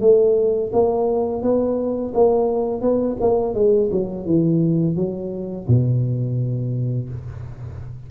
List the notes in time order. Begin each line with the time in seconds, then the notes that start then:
0.00 A3
0.72 A#3
1.41 B3
2.14 A#3
2.81 B3
3.20 A#3
3.54 G#3
3.91 F#3
4.25 E3
4.95 F#3
5.68 B2